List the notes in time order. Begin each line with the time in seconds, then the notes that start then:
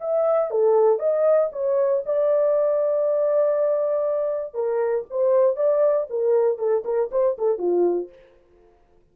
0.00 E5
0.50 A4
0.98 D#5
1.52 C#5
2.05 D5
4.54 A#4
5.10 C5
5.56 D5
6.10 A#4
6.58 A4
6.84 A#4
7.11 C5
7.38 A4
7.58 F4